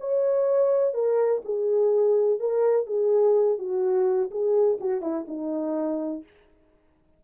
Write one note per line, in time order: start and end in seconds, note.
0.00 0.94 C#5
0.94 1.42 A#4
1.45 2.40 G#4
2.40 2.86 A#4
2.86 3.58 G#4
3.58 4.30 F#4
4.31 4.79 G#4
4.80 5.01 F#4
5.01 5.25 E4
5.28 6.24 D#4